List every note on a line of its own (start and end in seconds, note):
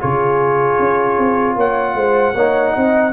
0.00 0.79 C#3
0.00 2.34 F4
0.00 1.56 G#4
0.00 1.56 C#5
0.79 1.17 C#4
1.17 1.56 C4
1.56 1.94 A#3
1.56 1.94 C#5
1.56 3.12 F#5
1.94 2.33 G#3
1.94 2.34 C5
2.34 2.73 A#3
2.34 3.12 D#4
2.34 2.72 C#5
2.72 3.12 C4
2.72 3.11 D#5